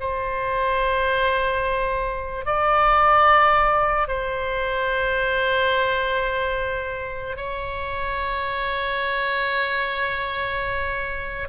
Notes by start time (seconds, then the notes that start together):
0.00 C5
2.45 D5
4.07 C5
7.36 C#5